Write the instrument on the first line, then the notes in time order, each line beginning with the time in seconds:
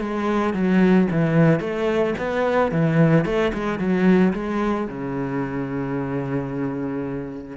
cello
0.00 G#3
0.54 F#3
1.11 E3
1.60 A3
2.18 B3
2.71 E3
3.25 A3
3.54 G#3
3.79 F#3
4.33 G#3
4.88 C#3